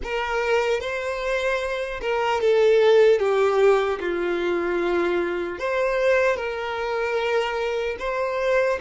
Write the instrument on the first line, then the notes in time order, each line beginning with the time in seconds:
violin
0.03 A#4
0.80 C5
2.01 A#4
2.40 A4
3.19 G4
4.00 F4
5.58 C5
6.36 A#4
7.99 C5